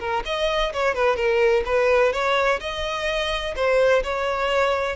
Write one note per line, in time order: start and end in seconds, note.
0.00 0.24 A#4
0.26 0.73 D#5
0.73 0.95 C#5
0.95 1.16 B4
1.16 1.64 A#4
1.66 2.13 B4
2.13 2.60 C#5
2.61 3.55 D#5
3.56 4.04 C5
4.04 4.96 C#5